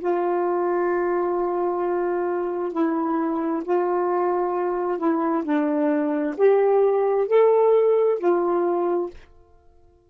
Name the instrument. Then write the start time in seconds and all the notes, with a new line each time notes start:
saxophone
0.00 F4
2.72 E4
3.64 F4
4.98 E4
5.44 D4
6.37 G4
7.27 A4
8.19 F4